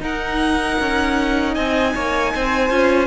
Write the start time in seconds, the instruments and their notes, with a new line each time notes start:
0.00 viola D#4, cello D#4, violin A#4 F#5
0.80 cello C#4
1.54 cello C4, violin D#5 G#5
1.95 cello A#3, violin C#5
2.34 cello C4, violin C5
2.70 cello C#4, viola F4